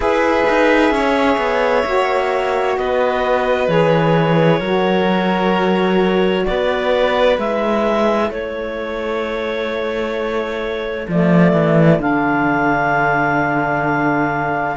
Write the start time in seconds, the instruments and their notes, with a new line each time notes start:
0.00 cello E4, saxophone G#4, violin B4, clarinet E5
0.49 cello D#4
0.90 cello C#4, violin C#5
1.37 cello B3
1.85 cello A#3, saxophone F#4
2.76 cello B3, violin B4, clarinet D#5
3.67 cello E3, saxophone G#4, clarinet C#5
4.59 cello F#3, saxophone F#4, violin A#4
6.45 cello B3, violin B4, clarinet D5
7.37 cello G#3, saxophone E4, clarinet E5
8.30 cello A3, violin A4, clarinet C#5
11.07 cello F3, saxophone A3, clarinet D5
11.52 cello E3
11.99 cello D3, saxophone D4, clarinet F5